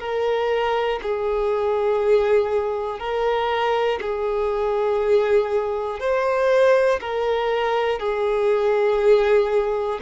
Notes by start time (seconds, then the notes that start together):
0.00 A#4
1.02 G#4
2.99 A#4
4.01 G#4
6.00 C5
7.00 A#4
8.00 G#4